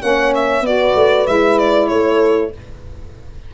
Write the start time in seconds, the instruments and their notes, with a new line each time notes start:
0.00 tuba A#3, saxophone C#4, horn C#5, violin F#5
0.34 violin E5
0.61 tuba B3, saxophone F#4, horn B4, violin D5
0.94 tuba A3
1.25 tuba G#3, saxophone E4, violin E5
1.58 violin D5
1.87 tuba A3, horn A4, violin C#5